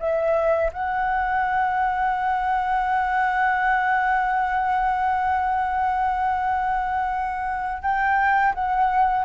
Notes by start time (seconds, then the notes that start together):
0.00 E5
0.73 F#5
7.82 G5
8.55 F#5